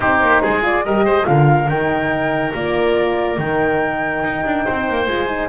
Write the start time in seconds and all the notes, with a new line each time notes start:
0.00 C4 D#4 G4 C5
0.21 A#3
0.42 G#3 G#4
0.61 F4 D5
0.84 G3 G4 A#4 D#5
1.05 G#3 C5
1.24 D3 F4 A#4 F5
1.68 D#3 D#4 G5
2.54 A#3 F4 D5
3.38 D#3 D#4 G5
4.23 D#4
4.45 D4
4.64 C4 C5
4.89 A#3
5.05 G#3 F4 G#5
5.27 D#4